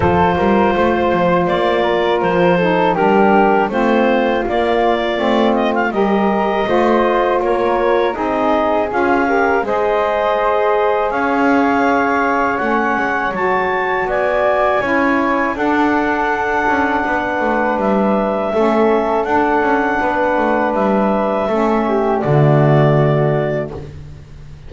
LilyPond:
<<
  \new Staff \with { instrumentName = "clarinet" } { \time 4/4 \tempo 4 = 81 c''2 d''4 c''4 | ais'4 c''4 d''4. dis''16 f''16 | dis''2 cis''4 dis''4 | f''4 dis''2 f''4~ |
f''4 fis''4 a''4 gis''4~ | gis''4 fis''2. | e''2 fis''2 | e''2 d''2 | }
  \new Staff \with { instrumentName = "flute" } { \time 4/4 a'8 ais'8 c''4. ais'4 a'8 | g'4 f'2. | ais'4 c''4 ais'4 gis'4~ | gis'8 ais'8 c''2 cis''4~ |
cis''2. d''4 | cis''4 a'2 b'4~ | b'4 a'2 b'4~ | b'4 a'8 g'8 fis'2 | }
  \new Staff \with { instrumentName = "saxophone" } { \time 4/4 f'2.~ f'8 dis'8 | d'4 c'4 ais4 c'4 | g'4 f'2 dis'4 | f'8 g'8 gis'2.~ |
gis'4 cis'4 fis'2 | e'4 d'2.~ | d'4 cis'4 d'2~ | d'4 cis'4 a2 | }
  \new Staff \with { instrumentName = "double bass" } { \time 4/4 f8 g8 a8 f8 ais4 f4 | g4 a4 ais4 a4 | g4 a4 ais4 c'4 | cis'4 gis2 cis'4~ |
cis'4 a8 gis8 fis4 b4 | cis'4 d'4. cis'8 b8 a8 | g4 a4 d'8 cis'8 b8 a8 | g4 a4 d2 | }
>>